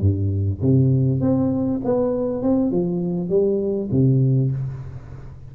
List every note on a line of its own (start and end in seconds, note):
0.00 0.60 G2
0.61 1.21 C3
1.21 1.81 C4
1.84 2.42 B3
2.42 2.71 C4
2.71 3.29 F3
3.29 3.89 G3
3.91 4.51 C3